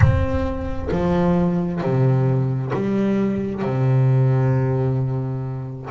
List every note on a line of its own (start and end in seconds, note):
0.00 0.89 C4
0.91 1.81 F3
1.81 2.72 C3
2.73 3.62 G3
3.62 5.89 C3